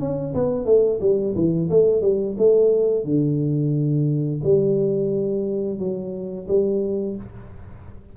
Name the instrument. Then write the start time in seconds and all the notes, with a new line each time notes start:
tuba
0.00 C#4
0.35 B3
0.66 A3
1.01 G3
1.36 E3
1.70 A3
2.02 G3
2.38 A3
3.05 D3
4.44 G3
5.79 F#3
6.48 G3